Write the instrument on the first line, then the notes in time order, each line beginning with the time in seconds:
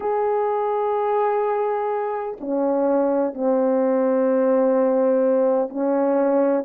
horn
0.00 G#4
2.40 C#4
3.34 C4
5.69 C#4